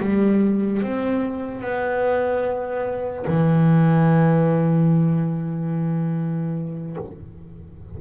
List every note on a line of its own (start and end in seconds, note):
0.00 0.82 G3
0.82 1.61 C4
1.61 3.25 B3
3.27 6.97 E3